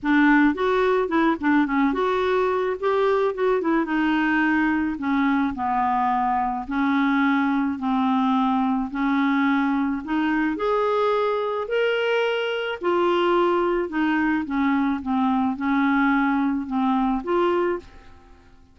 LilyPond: \new Staff \with { instrumentName = "clarinet" } { \time 4/4 \tempo 4 = 108 d'4 fis'4 e'8 d'8 cis'8 fis'8~ | fis'4 g'4 fis'8 e'8 dis'4~ | dis'4 cis'4 b2 | cis'2 c'2 |
cis'2 dis'4 gis'4~ | gis'4 ais'2 f'4~ | f'4 dis'4 cis'4 c'4 | cis'2 c'4 f'4 | }